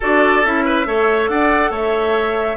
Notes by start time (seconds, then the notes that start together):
0.00 D4 F#4 A4 D5
0.44 C#4 E4 E5
0.64 B4
0.85 A3 A4 C#5
1.28 D4 D5 F#5
1.70 A3 C#5 E5